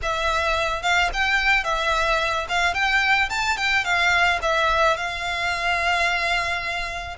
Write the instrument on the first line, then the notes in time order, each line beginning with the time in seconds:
violin
0.02 E5
0.82 F5
1.13 G5
1.64 E5
2.48 F5
2.74 G5
3.29 A5
3.57 G5
3.84 F5
4.42 E5
4.96 F5